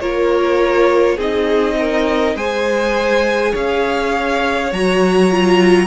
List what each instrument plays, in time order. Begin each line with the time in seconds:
0.00 cello A#3, viola F4, violin A#4 C#5
1.16 cello C4, viola D#4, violin G#4 D#5
1.79 violin A#4
2.36 cello G#3, viola G#4, violin C5 G#5
3.52 cello C#4, violin C#5 F5
4.72 cello F#3, viola F#4, violin A#5
5.31 viola F4